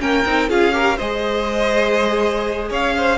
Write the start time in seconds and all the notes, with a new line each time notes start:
0.00 A#3 C#4 A#4 G5
0.26 C4 D#4
0.49 C#4 F4 G#4 F5
0.72 G4 A#4
0.97 G#3 G#4 C5 D#5
2.70 C#4 C#5 F5
2.98 C5